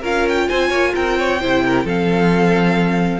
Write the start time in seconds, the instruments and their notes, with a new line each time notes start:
0.00 cello C#4, viola F4, violin A#4 F5
0.28 violin G5
0.49 cello C4, violin C5 G#5
0.69 cello A#3, violin C#5
0.95 cello C4, violin A#4 G5
1.18 violin C#5
1.41 cello C3, viola E4, violin C5
1.65 violin A#4
1.85 cello F3, viola C4, violin A4 F5